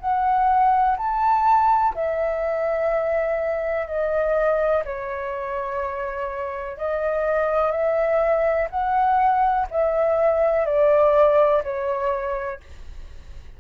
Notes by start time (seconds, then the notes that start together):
0.00 F#5
0.97 A5
1.94 E5
3.87 D#5
4.84 C#5
6.77 D#5
7.71 E5
8.70 F#5
9.70 E5
10.66 D5
11.63 C#5